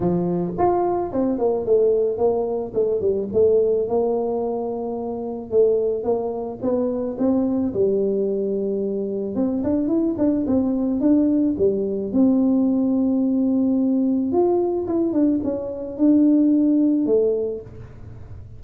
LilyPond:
\new Staff \with { instrumentName = "tuba" } { \time 4/4 \tempo 4 = 109 f4 f'4 c'8 ais8 a4 | ais4 a8 g8 a4 ais4~ | ais2 a4 ais4 | b4 c'4 g2~ |
g4 c'8 d'8 e'8 d'8 c'4 | d'4 g4 c'2~ | c'2 f'4 e'8 d'8 | cis'4 d'2 a4 | }